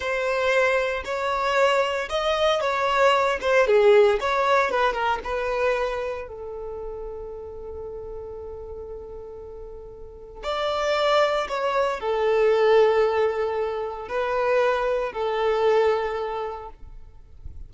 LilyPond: \new Staff \with { instrumentName = "violin" } { \time 4/4 \tempo 4 = 115 c''2 cis''2 | dis''4 cis''4. c''8 gis'4 | cis''4 b'8 ais'8 b'2 | a'1~ |
a'1 | d''2 cis''4 a'4~ | a'2. b'4~ | b'4 a'2. | }